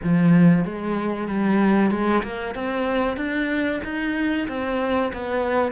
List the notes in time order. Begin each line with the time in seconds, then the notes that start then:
0.03 F3
0.64 G#3
1.28 G3
1.91 G#3
2.23 A#3
2.54 C4
3.16 D4
3.84 D#4
4.48 C4
5.12 B3